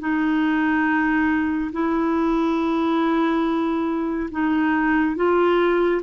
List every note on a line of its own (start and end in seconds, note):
0.00 1.71 D#4
1.73 4.30 E4
4.31 5.16 D#4
5.16 6.02 F4